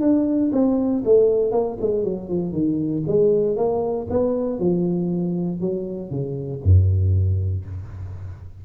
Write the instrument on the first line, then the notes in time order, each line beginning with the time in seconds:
tuba
0.00 D4
0.52 C4
1.04 A3
1.51 A#3
1.80 G#3
2.04 F#3
2.29 F3
2.52 D#3
3.07 G#3
3.56 A#3
4.10 B3
4.59 F3
5.60 F#3
6.10 C#3
6.63 F#2